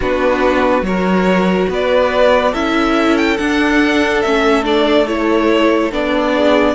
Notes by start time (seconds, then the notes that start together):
0.00 B3 D4 F#4 B4
0.82 F#3 F#4 A#4 C#5
1.69 B3 B4 D5
2.51 C#4 E4 A4 E5
3.17 G5
3.37 D4 F#5
4.21 A3 C#4 E5
4.63 D4 D5
5.07 E4 C#5
5.91 B3 D4 D5
6.35 G#4